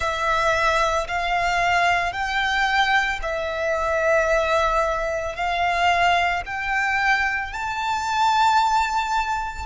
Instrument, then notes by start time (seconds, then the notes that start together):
violin
0.00 E5
1.07 F5
2.12 G5
3.22 E5
5.35 F5
6.45 G5
7.52 A5